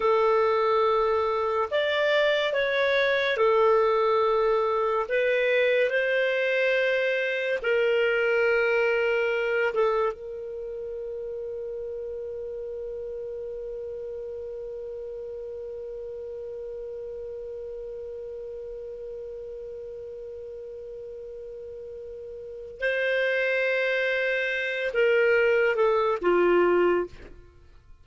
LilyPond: \new Staff \with { instrumentName = "clarinet" } { \time 4/4 \tempo 4 = 71 a'2 d''4 cis''4 | a'2 b'4 c''4~ | c''4 ais'2~ ais'8 a'8 | ais'1~ |
ais'1~ | ais'1~ | ais'2. c''4~ | c''4. ais'4 a'8 f'4 | }